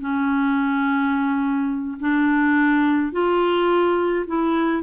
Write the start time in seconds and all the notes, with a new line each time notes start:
0.00 C#4
2.01 D4
3.13 F4
4.27 E4